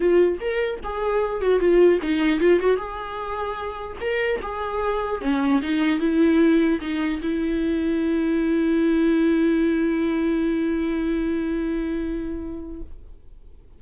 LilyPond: \new Staff \with { instrumentName = "viola" } { \time 4/4 \tempo 4 = 150 f'4 ais'4 gis'4. fis'8 | f'4 dis'4 f'8 fis'8 gis'4~ | gis'2 ais'4 gis'4~ | gis'4 cis'4 dis'4 e'4~ |
e'4 dis'4 e'2~ | e'1~ | e'1~ | e'1 | }